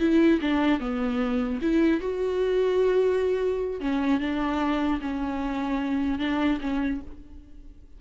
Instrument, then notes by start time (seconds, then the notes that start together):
viola
0.00 E4
0.41 D4
0.80 B3
1.62 E4
2.01 F#4
3.81 C#4
4.21 D4
5.02 C#4
6.19 D4
6.61 C#4